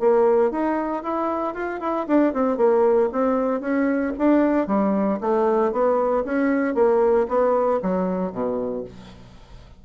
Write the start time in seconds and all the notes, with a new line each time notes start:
0.00 A#3
0.51 D#4
1.03 E4
1.54 F4
1.80 E4
2.07 D4
2.33 C4
2.57 A#3
3.13 C4
3.61 C#4
4.18 D4
4.67 G3
5.21 A3
5.72 B3
6.25 C#4
6.75 A#3
7.28 B3
7.82 F#3
8.32 B2